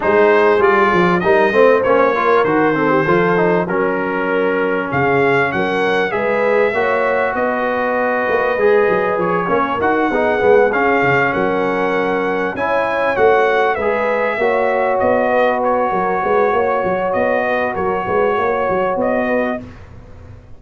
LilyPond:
<<
  \new Staff \with { instrumentName = "trumpet" } { \time 4/4 \tempo 4 = 98 c''4 d''4 dis''4 cis''4 | c''2 ais'2 | f''4 fis''4 e''2 | dis''2. cis''4 |
fis''4. f''4 fis''4.~ | fis''8 gis''4 fis''4 e''4.~ | e''8 dis''4 cis''2~ cis''8 | dis''4 cis''2 dis''4 | }
  \new Staff \with { instrumentName = "horn" } { \time 4/4 gis'2 ais'8 c''4 ais'8~ | ais'8 a'16 g'16 a'4 ais'2 | gis'4 ais'4 b'4 cis''4 | b'2.~ b'8 ais'8~ |
ais'8 gis'2 ais'4.~ | ais'8 cis''2 b'4 cis''8~ | cis''4 b'4 ais'8 b'8 cis''4~ | cis''8 b'8 ais'8 b'8 cis''4. b'8 | }
  \new Staff \with { instrumentName = "trombone" } { \time 4/4 dis'4 f'4 dis'8 c'8 cis'8 f'8 | fis'8 c'8 f'8 dis'8 cis'2~ | cis'2 gis'4 fis'4~ | fis'2 gis'4. cis'8 |
fis'8 dis'8 b8 cis'2~ cis'8~ | cis'8 e'4 fis'4 gis'4 fis'8~ | fis'1~ | fis'1 | }
  \new Staff \with { instrumentName = "tuba" } { \time 4/4 gis4 g8 f8 g8 a8 ais4 | dis4 f4 fis2 | cis4 fis4 gis4 ais4 | b4. ais8 gis8 fis8 f8 ais8 |
dis'8 b8 gis8 cis'8 cis8 fis4.~ | fis8 cis'4 a4 gis4 ais8~ | ais8 b4. fis8 gis8 ais8 fis8 | b4 fis8 gis8 ais8 fis8 b4 | }
>>